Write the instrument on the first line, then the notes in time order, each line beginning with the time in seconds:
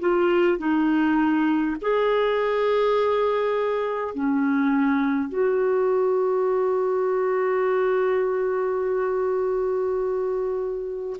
clarinet
0.00 F4
0.59 D#4
1.82 G#4
4.14 C#4
5.29 F#4